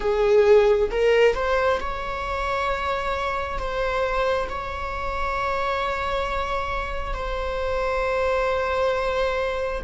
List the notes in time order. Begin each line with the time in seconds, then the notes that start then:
0.00 G#4
0.90 A#4
1.34 C5
1.80 C#5
3.58 C5
4.49 C#5
7.13 C5